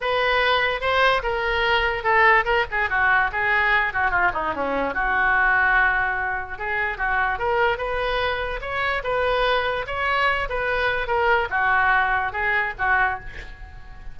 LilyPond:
\new Staff \with { instrumentName = "oboe" } { \time 4/4 \tempo 4 = 146 b'2 c''4 ais'4~ | ais'4 a'4 ais'8 gis'8 fis'4 | gis'4. fis'8 f'8 dis'8 cis'4 | fis'1 |
gis'4 fis'4 ais'4 b'4~ | b'4 cis''4 b'2 | cis''4. b'4. ais'4 | fis'2 gis'4 fis'4 | }